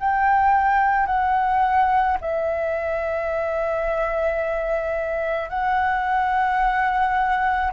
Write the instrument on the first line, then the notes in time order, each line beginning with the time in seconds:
flute
0.00 G5
1.06 F#5
2.21 E5
5.49 F#5